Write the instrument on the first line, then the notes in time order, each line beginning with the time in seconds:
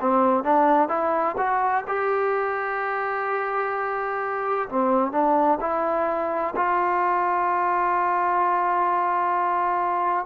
trombone
0.00 C4
0.43 D4
0.89 E4
1.37 F#4
1.87 G4
4.69 C4
5.11 D4
5.60 E4
6.55 F4